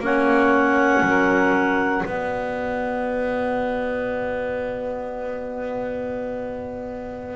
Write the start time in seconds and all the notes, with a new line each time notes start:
0.00 A#3 C#4 C#5 F#5
1.03 F#3 A#4
2.05 B3 F#4 D5